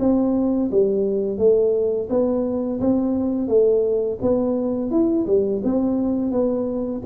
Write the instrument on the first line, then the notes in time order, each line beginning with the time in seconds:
tuba
0.00 C4
0.72 G3
1.38 A3
2.10 B3
2.81 C4
3.48 A3
4.22 B3
4.91 E4
5.27 G3
5.64 C4
6.32 B3